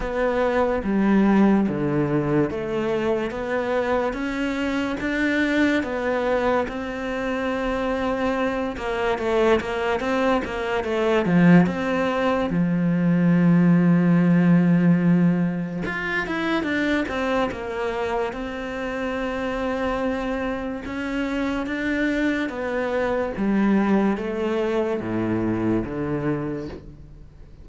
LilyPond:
\new Staff \with { instrumentName = "cello" } { \time 4/4 \tempo 4 = 72 b4 g4 d4 a4 | b4 cis'4 d'4 b4 | c'2~ c'8 ais8 a8 ais8 | c'8 ais8 a8 f8 c'4 f4~ |
f2. f'8 e'8 | d'8 c'8 ais4 c'2~ | c'4 cis'4 d'4 b4 | g4 a4 a,4 d4 | }